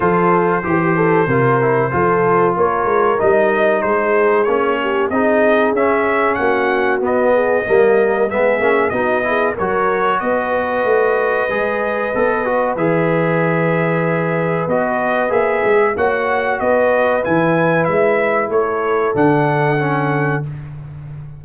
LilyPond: <<
  \new Staff \with { instrumentName = "trumpet" } { \time 4/4 \tempo 4 = 94 c''1 | cis''4 dis''4 c''4 cis''4 | dis''4 e''4 fis''4 dis''4~ | dis''4 e''4 dis''4 cis''4 |
dis''1 | e''2. dis''4 | e''4 fis''4 dis''4 gis''4 | e''4 cis''4 fis''2 | }
  \new Staff \with { instrumentName = "horn" } { \time 4/4 a'4 g'8 a'8 ais'4 a'4 | ais'2 gis'4. g'8 | gis'2 fis'4. gis'8 | ais'4 gis'4 fis'8 gis'8 ais'4 |
b'1~ | b'1~ | b'4 cis''4 b'2~ | b'4 a'2. | }
  \new Staff \with { instrumentName = "trombone" } { \time 4/4 f'4 g'4 f'8 e'8 f'4~ | f'4 dis'2 cis'4 | dis'4 cis'2 b4 | ais4 b8 cis'8 dis'8 e'8 fis'4~ |
fis'2 gis'4 a'8 fis'8 | gis'2. fis'4 | gis'4 fis'2 e'4~ | e'2 d'4 cis'4 | }
  \new Staff \with { instrumentName = "tuba" } { \time 4/4 f4 e4 c4 f4 | ais8 gis8 g4 gis4 ais4 | c'4 cis'4 ais4 b4 | g4 gis8 ais8 b4 fis4 |
b4 a4 gis4 b4 | e2. b4 | ais8 gis8 ais4 b4 e4 | gis4 a4 d2 | }
>>